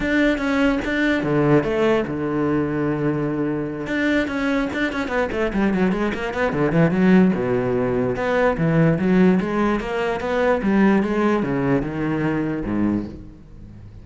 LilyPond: \new Staff \with { instrumentName = "cello" } { \time 4/4 \tempo 4 = 147 d'4 cis'4 d'4 d4 | a4 d2.~ | d4. d'4 cis'4 d'8 | cis'8 b8 a8 g8 fis8 gis8 ais8 b8 |
d8 e8 fis4 b,2 | b4 e4 fis4 gis4 | ais4 b4 g4 gis4 | cis4 dis2 gis,4 | }